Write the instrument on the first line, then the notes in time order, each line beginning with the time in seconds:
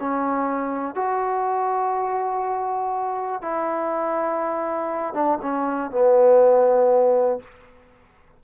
trombone
0.00 C#4
0.95 F#4
3.42 E4
5.14 D4
5.42 C#4
5.91 B3